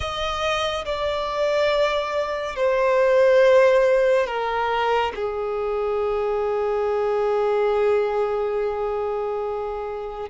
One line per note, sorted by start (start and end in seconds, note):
0.00 0.85 D#5
0.85 2.56 D5
2.56 4.26 C5
4.26 5.12 A#4
5.15 10.29 G#4